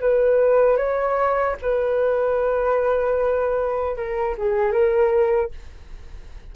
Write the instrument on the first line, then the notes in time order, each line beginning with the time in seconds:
flute
0.00 B4
0.76 C#5
1.61 B4
3.96 A#4
4.37 G#4
4.72 A#4